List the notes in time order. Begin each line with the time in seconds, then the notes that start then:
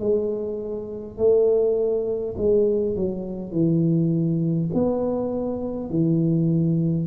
0.00 G#3
1.18 A3
2.38 G#3
2.96 F#3
3.52 E3
4.74 B3
5.90 E3